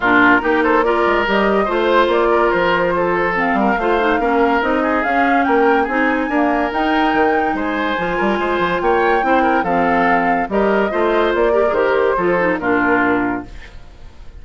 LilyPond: <<
  \new Staff \with { instrumentName = "flute" } { \time 4/4 \tempo 4 = 143 ais'4. c''8 d''4 dis''4 | c''4 d''4 c''2 | f''2. dis''4 | f''4 g''4 gis''2 |
g''2 gis''2~ | gis''4 g''2 f''4~ | f''4 dis''2 d''4 | c''2 ais'2 | }
  \new Staff \with { instrumentName = "oboe" } { \time 4/4 f'4 g'8 a'8 ais'2 | c''4. ais'4. a'4~ | a'8 ais'8 c''4 ais'4. gis'8~ | gis'4 ais'4 gis'4 ais'4~ |
ais'2 c''4. ais'8 | c''4 cis''4 c''8 ais'8 a'4~ | a'4 ais'4 c''4. ais'8~ | ais'4 a'4 f'2 | }
  \new Staff \with { instrumentName = "clarinet" } { \time 4/4 d'4 dis'4 f'4 g'4 | f'1 | c'4 f'8 dis'8 cis'4 dis'4 | cis'2 dis'4 ais4 |
dis'2. f'4~ | f'2 e'4 c'4~ | c'4 g'4 f'4. g'16 gis'16 | g'4 f'8 dis'8 d'2 | }
  \new Staff \with { instrumentName = "bassoon" } { \time 4/4 ais,4 ais4. gis8 g4 | a4 ais4 f2~ | f8 g8 a4 ais4 c'4 | cis'4 ais4 c'4 d'4 |
dis'4 dis4 gis4 f8 g8 | gis8 f8 ais4 c'4 f4~ | f4 g4 a4 ais4 | dis4 f4 ais,2 | }
>>